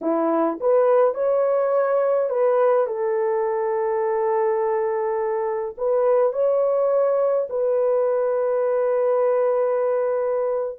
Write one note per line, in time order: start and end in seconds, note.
0.01 0.58 E4
0.60 1.14 B4
1.14 2.29 C#5
2.29 2.87 B4
2.87 5.75 A4
5.77 6.32 B4
6.32 7.48 C#5
7.49 10.79 B4